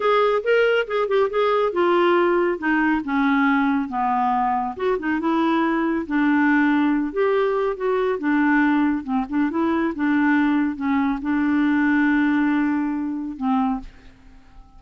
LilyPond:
\new Staff \with { instrumentName = "clarinet" } { \time 4/4 \tempo 4 = 139 gis'4 ais'4 gis'8 g'8 gis'4 | f'2 dis'4 cis'4~ | cis'4 b2 fis'8 dis'8 | e'2 d'2~ |
d'8 g'4. fis'4 d'4~ | d'4 c'8 d'8 e'4 d'4~ | d'4 cis'4 d'2~ | d'2. c'4 | }